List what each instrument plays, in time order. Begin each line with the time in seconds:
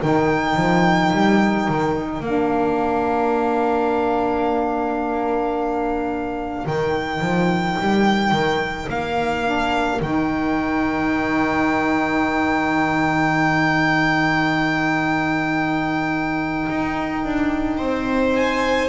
0.00 double bass D#3, saxophone D#4, viola A#4, violin G5
0.56 double bass F3
1.12 double bass G3
1.68 double bass D#3
2.20 double bass A#3, saxophone D4, violin F5
6.66 double bass D#3, saxophone D#4, violin G5
7.21 double bass F3
7.80 double bass G3
8.31 double bass D#3
8.89 double bass A#3, violin F5
9.44 saxophone D4
10.01 double bass D#3, saxophone D#4, violin G5
16.69 double bass D#4
17.24 double bass D4
17.78 double bass C4, viola C5
18.35 violin G#5